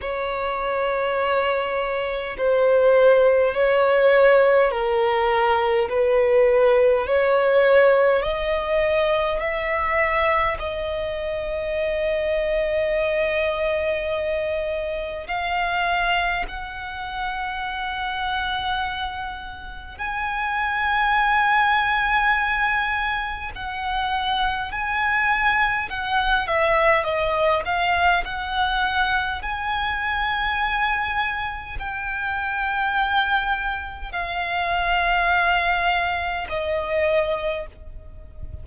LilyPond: \new Staff \with { instrumentName = "violin" } { \time 4/4 \tempo 4 = 51 cis''2 c''4 cis''4 | ais'4 b'4 cis''4 dis''4 | e''4 dis''2.~ | dis''4 f''4 fis''2~ |
fis''4 gis''2. | fis''4 gis''4 fis''8 e''8 dis''8 f''8 | fis''4 gis''2 g''4~ | g''4 f''2 dis''4 | }